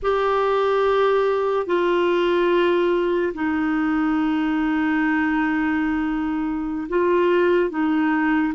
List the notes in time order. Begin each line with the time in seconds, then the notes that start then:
0.02 G4
1.66 F4
3.33 D#4
6.88 F4
7.69 D#4